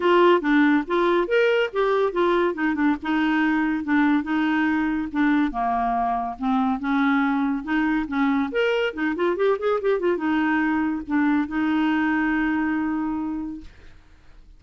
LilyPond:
\new Staff \with { instrumentName = "clarinet" } { \time 4/4 \tempo 4 = 141 f'4 d'4 f'4 ais'4 | g'4 f'4 dis'8 d'8 dis'4~ | dis'4 d'4 dis'2 | d'4 ais2 c'4 |
cis'2 dis'4 cis'4 | ais'4 dis'8 f'8 g'8 gis'8 g'8 f'8 | dis'2 d'4 dis'4~ | dis'1 | }